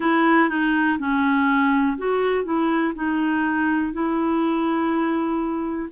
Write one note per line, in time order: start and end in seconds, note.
0.00 0.49 E4
0.49 0.98 D#4
0.98 1.97 C#4
1.97 2.44 F#4
2.44 2.93 E4
2.94 3.92 D#4
3.92 5.89 E4